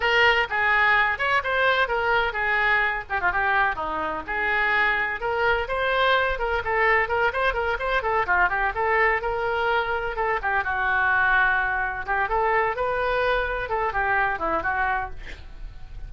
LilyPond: \new Staff \with { instrumentName = "oboe" } { \time 4/4 \tempo 4 = 127 ais'4 gis'4. cis''8 c''4 | ais'4 gis'4. g'16 f'16 g'4 | dis'4 gis'2 ais'4 | c''4. ais'8 a'4 ais'8 c''8 |
ais'8 c''8 a'8 f'8 g'8 a'4 ais'8~ | ais'4. a'8 g'8 fis'4.~ | fis'4. g'8 a'4 b'4~ | b'4 a'8 g'4 e'8 fis'4 | }